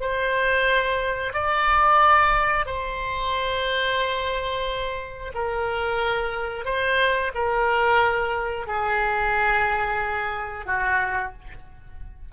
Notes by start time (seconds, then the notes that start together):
0.00 C5
1.34 D5
2.66 C5
5.34 A#4
6.65 C5
7.35 A#4
8.67 G#4
10.66 F#4